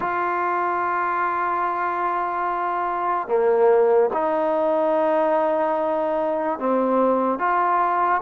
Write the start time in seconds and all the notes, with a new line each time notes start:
0.00 F4
3.28 A#3
4.13 D#4
6.59 C4
7.39 F4